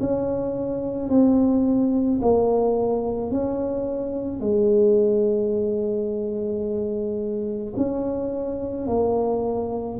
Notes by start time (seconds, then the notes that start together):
0.00 C#4
1.09 C4
2.22 A#3
3.31 C#4
4.40 G#3
7.77 C#4
8.87 A#3